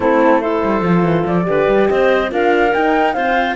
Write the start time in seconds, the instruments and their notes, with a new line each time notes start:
0.00 cello A3, horn C4, clarinet E4, flute A4
0.41 horn E4, clarinet A4, flute C5
0.63 cello G3
0.82 cello F3, horn F4
1.03 cello E3
1.26 cello F3, flute D5
1.43 cello D3, horn G4, clarinet B4
1.68 cello G3
1.88 cello C4, clarinet C5, flute D#5
2.30 cello D4, horn F4, clarinet A#4, flute F5
2.73 horn D#4, cello D#4, flute G5
3.13 horn C4, cello F4, clarinet C5, flute F5